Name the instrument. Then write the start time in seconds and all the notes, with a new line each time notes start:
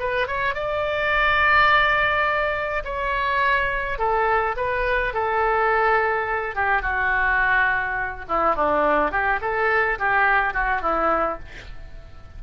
oboe
0.00 B4
0.28 C#5
0.55 D5
2.85 C#5
3.99 A4
4.57 B4
5.14 A4
6.56 G4
6.83 F#4
8.29 E4
8.56 D4
9.11 G4
9.42 A4
9.99 G4
10.54 F#4
10.82 E4